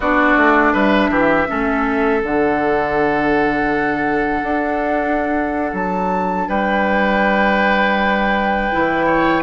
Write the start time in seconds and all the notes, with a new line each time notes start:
0.00 B3 D4 F#4 D5
0.36 A3
0.72 G3 B4 E5
1.09 E3 G4
1.47 A3 C#4 A4
2.20 D3 D4 F#5
4.42 D4
5.73 F#3 A5
6.48 G3 B4 G5
8.71 E3 E4
9.05 C#5